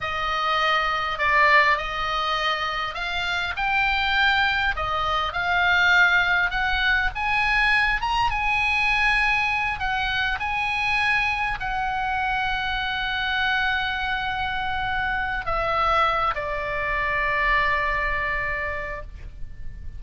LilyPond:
\new Staff \with { instrumentName = "oboe" } { \time 4/4 \tempo 4 = 101 dis''2 d''4 dis''4~ | dis''4 f''4 g''2 | dis''4 f''2 fis''4 | gis''4. ais''8 gis''2~ |
gis''8 fis''4 gis''2 fis''8~ | fis''1~ | fis''2 e''4. d''8~ | d''1 | }